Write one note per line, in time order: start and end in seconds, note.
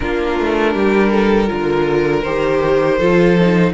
0.00 0.39 A#3
0.00 1.47 D4
0.00 0.73 F4
0.00 2.22 A#4
0.39 0.75 A3
0.73 1.50 G3
0.73 1.10 G4
1.11 1.49 A4
1.47 2.25 D3
1.47 2.22 F4
1.47 2.98 A#4
2.22 2.99 D#3
2.22 2.99 G4
2.22 3.72 C5
2.98 3.73 F3
2.98 3.37 F4
2.98 3.73 A4
3.40 3.73 D#4